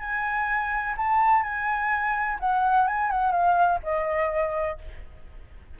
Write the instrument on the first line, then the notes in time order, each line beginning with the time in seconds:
flute
0.00 G#5
0.97 A5
1.43 G#5
2.40 F#5
2.87 G#5
3.11 F#5
3.32 F5
3.83 D#5